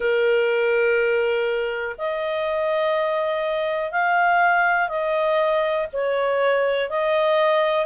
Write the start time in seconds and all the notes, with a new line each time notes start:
0.00 A#4
1.98 D#5
3.91 F5
4.88 D#5
5.92 C#5
6.89 D#5